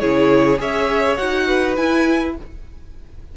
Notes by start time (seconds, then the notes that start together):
0.00 C#3 E4 G#4 C#5
0.58 C#4 G#4 C#5 E5
1.17 D#4 F#4 F#5
1.47 B4
1.77 E4 G#5